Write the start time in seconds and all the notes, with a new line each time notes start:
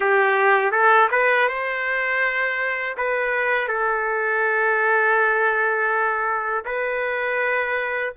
0.00 G4
0.71 A4
1.11 B4
1.48 C5
2.97 B4
3.68 A4
6.65 B4